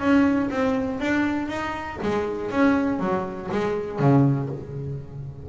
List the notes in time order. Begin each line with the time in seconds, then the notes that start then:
0.00 C#4
0.51 C4
1.01 D4
1.48 D#4
2.03 G#3
2.51 C#4
3.00 F#3
3.52 G#3
4.00 C#3